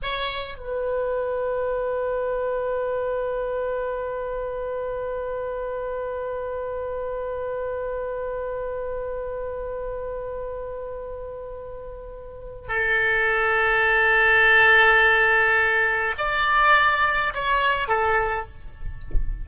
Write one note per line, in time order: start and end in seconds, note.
0.02 0.57 C#5
0.57 12.68 B4
12.68 16.14 A4
16.17 17.33 D5
17.34 17.88 C#5
17.88 18.45 A4